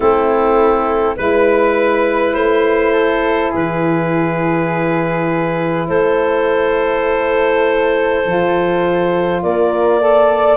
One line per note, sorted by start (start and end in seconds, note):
0.00 1.16 A3
0.00 1.16 C4
0.00 1.14 E4
0.00 1.16 A4
1.16 2.34 G#3
1.16 8.23 E4
1.16 2.34 B4
1.16 2.92 B4
2.34 3.51 A3
2.34 3.51 C5
2.92 3.50 A4
3.50 5.88 E3
3.50 5.85 G#4
3.50 5.87 B4
5.87 8.24 A3
5.87 9.42 A4
5.87 9.40 C5
8.25 9.43 F3
8.25 9.99 F4
9.42 10.57 A#3
9.42 9.99 A#4
9.42 10.57 D5
9.99 10.57 A4
9.99 10.57 D5